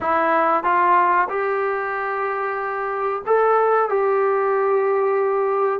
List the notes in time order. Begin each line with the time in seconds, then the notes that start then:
0.00 E4
0.63 F4
1.29 G4
3.26 A4
3.89 G4